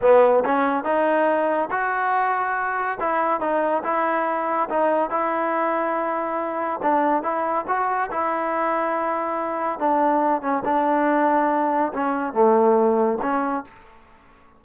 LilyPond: \new Staff \with { instrumentName = "trombone" } { \time 4/4 \tempo 4 = 141 b4 cis'4 dis'2 | fis'2. e'4 | dis'4 e'2 dis'4 | e'1 |
d'4 e'4 fis'4 e'4~ | e'2. d'4~ | d'8 cis'8 d'2. | cis'4 a2 cis'4 | }